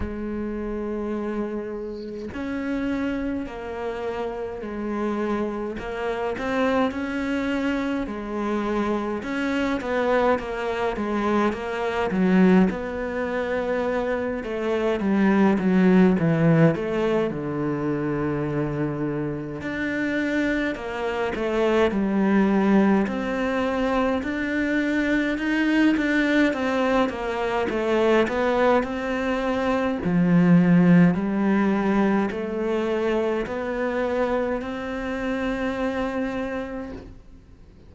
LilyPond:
\new Staff \with { instrumentName = "cello" } { \time 4/4 \tempo 4 = 52 gis2 cis'4 ais4 | gis4 ais8 c'8 cis'4 gis4 | cis'8 b8 ais8 gis8 ais8 fis8 b4~ | b8 a8 g8 fis8 e8 a8 d4~ |
d4 d'4 ais8 a8 g4 | c'4 d'4 dis'8 d'8 c'8 ais8 | a8 b8 c'4 f4 g4 | a4 b4 c'2 | }